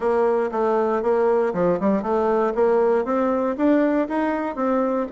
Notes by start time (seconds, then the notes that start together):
0.00 A#3
0.51 A3
1.02 A#3
1.53 F3
1.79 G3
2.02 A3
2.54 A#3
3.05 C4
3.57 D4
4.08 D#4
4.55 C4